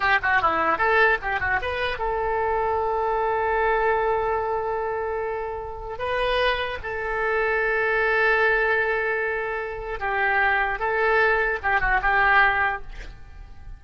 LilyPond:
\new Staff \with { instrumentName = "oboe" } { \time 4/4 \tempo 4 = 150 g'8 fis'8 e'4 a'4 g'8 fis'8 | b'4 a'2.~ | a'1~ | a'2. b'4~ |
b'4 a'2.~ | a'1~ | a'4 g'2 a'4~ | a'4 g'8 fis'8 g'2 | }